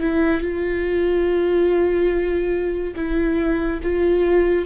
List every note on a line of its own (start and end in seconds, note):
0.00 0.41 E4
0.41 2.94 F4
2.96 3.80 E4
3.83 4.66 F4